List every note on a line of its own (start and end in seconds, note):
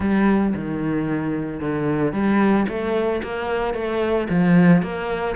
0.00 0.54 G3
0.54 1.60 D#3
1.60 2.13 D3
2.13 2.66 G3
2.68 3.21 A3
3.23 3.74 A#3
3.74 4.27 A3
4.29 4.82 F3
4.82 5.35 A#3